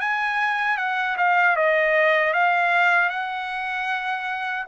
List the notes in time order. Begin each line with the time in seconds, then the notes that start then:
0.00 G#5
0.78 F#5
1.17 F5
1.56 D#5
2.34 F5
3.10 F#5